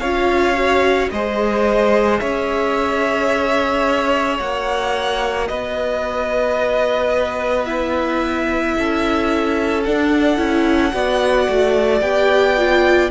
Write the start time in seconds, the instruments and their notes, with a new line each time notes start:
0.00 cello C#4, viola F4, violin C#5 F5
0.56 viola F#4
1.11 cello G#3, viola G#4, violin C5 D#5
2.20 cello C#4, violin C#5 E5
4.39 cello A#3, viola F#4, violin F#5
5.48 cello B3, violin B4 D#5
7.66 viola E4, violin E5
8.79 cello C#4, violin A4
9.85 viola D4, cello D4, violin F#5
10.37 cello C#4, viola E4
10.93 cello B3, viola F#4, violin D5
11.50 cello A3
12.02 cello B3, viola G4, violin G5
12.57 viola F4